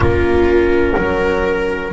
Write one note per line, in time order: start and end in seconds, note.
0.00 0.94 A#3
0.00 1.92 C#4
0.00 0.96 F4
0.00 1.92 A#4
0.97 1.92 F#3
0.97 1.92 A#4